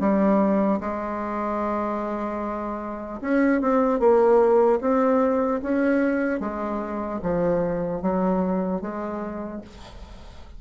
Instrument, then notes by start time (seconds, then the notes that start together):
bassoon
0.00 G3
0.80 G#3
3.21 C#4
3.61 C4
4.00 A#3
4.81 C4
5.63 C#4
6.40 G#3
7.23 F3
8.02 F#3
8.81 G#3